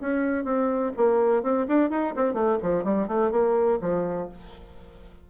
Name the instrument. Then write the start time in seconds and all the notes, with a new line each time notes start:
bassoon
0.00 C#4
0.44 C4
0.97 A#3
1.42 C4
1.68 D4
1.90 D#4
2.16 C4
2.33 A3
2.62 F3
2.84 G3
3.08 A3
3.31 A#3
3.81 F3